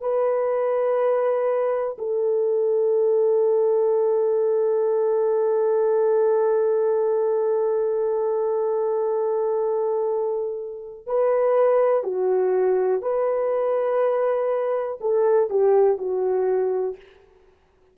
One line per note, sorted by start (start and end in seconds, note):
0.00 1.97 B4
1.98 11.07 A4
11.07 12.03 B4
12.03 13.01 F#4
13.01 14.98 B4
15.00 15.49 A4
15.49 15.98 G4
15.98 16.96 F#4